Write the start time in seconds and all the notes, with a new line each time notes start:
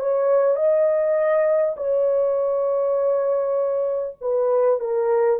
0.00 C#5
0.56 D#5
1.77 C#5
4.21 B4
4.80 A#4